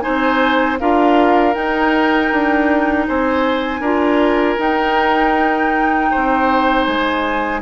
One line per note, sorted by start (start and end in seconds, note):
0.00 0.77 D#4
0.00 0.78 C5
0.00 0.76 G#5
0.07 0.80 C4
0.79 1.55 D4
0.79 1.53 F4
0.79 3.07 A#4
0.79 1.54 F5
1.53 3.81 D#4
1.53 2.31 D#4
1.53 3.06 G5
2.31 3.07 D4
3.07 3.80 C4
3.07 3.80 C5
3.07 4.60 G#5
3.80 4.56 D4
3.80 4.58 F4
3.80 6.08 A#4
4.58 7.61 D#4
4.58 6.10 D#4
4.58 6.84 G5
6.11 6.87 C4
6.11 7.61 C5
6.84 7.61 G#3
6.84 7.60 G#5